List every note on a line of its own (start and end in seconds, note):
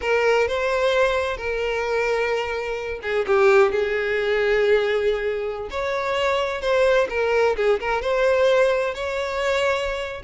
0.01 0.47 A#4
0.47 1.37 C5
1.37 2.99 A#4
3.02 3.25 G#4
3.26 3.71 G4
3.71 5.69 G#4
5.70 6.61 C#5
6.61 7.07 C5
7.09 7.56 A#4
7.56 7.79 G#4
7.80 8.01 A#4
8.01 8.94 C5
8.94 10.22 C#5